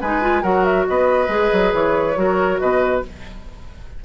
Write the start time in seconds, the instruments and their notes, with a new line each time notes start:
0.00 bassoon G#3, clarinet D#4, oboe B4, flute G#5
0.21 clarinet F4
0.42 bassoon F#3, clarinet F#4, oboe A#4, flute F#5
0.64 flute E5
0.87 bassoon B3, oboe B4, flute D#5
1.28 bassoon G#3, clarinet G#4
1.52 bassoon F#3
1.73 bassoon E3, flute C#5
2.15 bassoon F#3, clarinet F#4, oboe A#4
2.59 bassoon B2, oboe B4, flute D#5